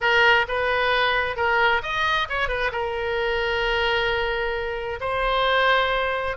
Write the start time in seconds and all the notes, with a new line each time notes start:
0.00 A#4
0.48 B4
1.36 A#4
1.82 D#5
2.29 C#5
2.48 B4
2.72 A#4
5.00 C5